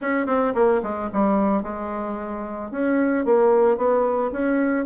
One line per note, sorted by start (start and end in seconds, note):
0.01 0.26 C#4
0.26 0.53 C4
0.54 0.81 A#3
0.82 1.09 G#3
1.12 1.62 G3
1.62 2.71 G#3
2.71 3.25 C#4
3.25 3.77 A#3
3.77 4.31 B3
4.32 4.85 C#4